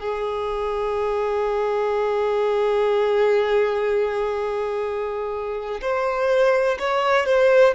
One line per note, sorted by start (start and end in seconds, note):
0.00 5.81 G#4
5.81 6.78 C5
6.79 7.26 C#5
7.26 7.74 C5